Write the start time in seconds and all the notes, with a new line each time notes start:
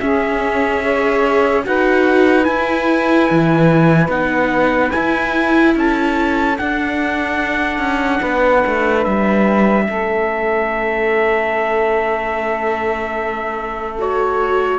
0.00 C#4 G#4 E5
0.81 G#4 C#5
1.65 D#4 F#4 B4 F#5
2.44 E4 G#5
3.30 E3
4.08 B3 D#4 F#5
4.91 E4 G#5
5.75 C#4 A4 A5
6.58 D4 F#5
7.78 C#4
8.20 B3 B4
8.66 A3
9.03 G3 E5
9.88 A3 C#4 A4
13.99 F#4 C#5